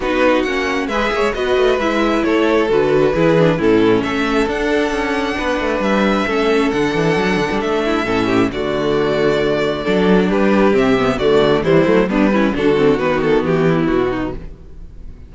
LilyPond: <<
  \new Staff \with { instrumentName = "violin" } { \time 4/4 \tempo 4 = 134 b'4 fis''4 e''4 dis''4 | e''4 cis''4 b'2 | a'4 e''4 fis''2~ | fis''4 e''2 fis''4~ |
fis''4 e''2 d''4~ | d''2. b'4 | e''4 d''4 c''4 b'4 | a'4 b'8 a'8 g'4 fis'4 | }
  \new Staff \with { instrumentName = "violin" } { \time 4/4 fis'2 b'8 cis''8 b'4~ | b'4 a'2 gis'4 | e'4 a'2. | b'2 a'2~ |
a'4. e'8 a'8 g'8 fis'4~ | fis'2 a'4 g'4~ | g'4 fis'4 e'4 d'8 e'8 | fis'2~ fis'8 e'4 dis'8 | }
  \new Staff \with { instrumentName = "viola" } { \time 4/4 dis'4 cis'4 gis'4 fis'4 | e'2 fis'4 e'8 d'8 | cis'2 d'2~ | d'2 cis'4 d'4~ |
d'2 cis'4 a4~ | a2 d'2 | c'8 b8 a4 g8 a8 b8 cis'8 | d'8 c'8 b2. | }
  \new Staff \with { instrumentName = "cello" } { \time 4/4 b4 ais4 gis8 ais16 gis16 b8 a8 | gis4 a4 d4 e4 | a,4 a4 d'4 cis'4 | b8 a8 g4 a4 d8 e8 |
fis8 d16 g16 a4 a,4 d4~ | d2 fis4 g4 | c4 d4 e8 fis8 g4 | d4 dis4 e4 b,4 | }
>>